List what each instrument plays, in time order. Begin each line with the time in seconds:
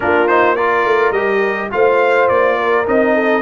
0.00 tuba A#3, trombone D4, horn F4, trumpet A#4
0.27 trombone D#4, trumpet C5
0.55 trombone F4, horn A#4, trumpet D5
0.84 tuba A3
1.11 tuba G3, trombone G4, trumpet D#5
1.70 tuba A3, trombone F4, horn C5, trumpet F5
2.28 tuba A#3, trumpet D5
2.57 horn A#4
2.86 tuba C4, trombone D#4, trumpet D#5
3.14 horn A4